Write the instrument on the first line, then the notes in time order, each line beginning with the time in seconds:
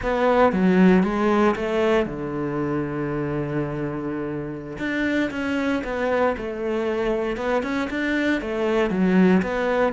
cello
0.02 B3
0.52 F#3
1.03 G#3
1.55 A3
2.05 D3
4.78 D4
5.30 C#4
5.84 B3
6.37 A3
7.37 B3
7.62 C#4
7.90 D4
8.41 A3
8.90 F#3
9.42 B3